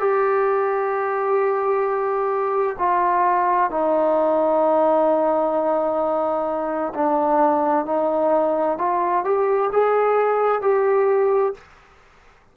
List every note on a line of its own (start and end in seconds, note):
0.00 2.77 G4
2.79 3.70 F4
3.70 6.94 D#4
6.95 7.86 D4
7.86 8.79 D#4
8.79 9.25 F4
9.25 9.71 G4
9.73 10.62 G#4
10.62 11.54 G4